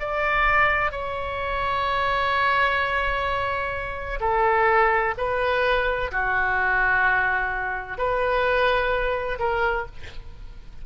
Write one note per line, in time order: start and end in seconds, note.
0.00 0.92 D5
0.92 4.20 C#5
4.21 5.14 A4
5.17 6.11 B4
6.12 7.98 F#4
7.98 9.39 B4
9.39 9.86 A#4